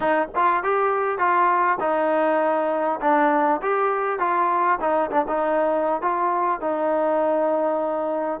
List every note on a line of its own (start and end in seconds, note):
0.00 0.28 D#4
0.35 0.63 F4
0.63 1.18 G4
1.18 1.78 F4
1.79 2.99 D#4
3.00 3.60 D4
3.62 4.19 G4
4.19 4.79 F4
4.80 5.10 D#4
5.10 5.25 D4
5.28 6.01 D#4
6.01 6.61 F4
6.61 8.40 D#4